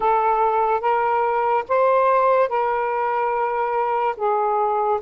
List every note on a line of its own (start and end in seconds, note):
0.00 0.80 A4
0.80 1.64 A#4
1.68 2.48 C5
2.48 4.15 A#4
4.16 5.00 G#4